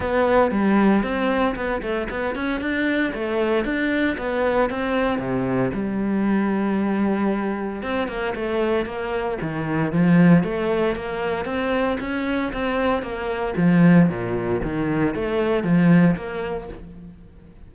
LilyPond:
\new Staff \with { instrumentName = "cello" } { \time 4/4 \tempo 4 = 115 b4 g4 c'4 b8 a8 | b8 cis'8 d'4 a4 d'4 | b4 c'4 c4 g4~ | g2. c'8 ais8 |
a4 ais4 dis4 f4 | a4 ais4 c'4 cis'4 | c'4 ais4 f4 ais,4 | dis4 a4 f4 ais4 | }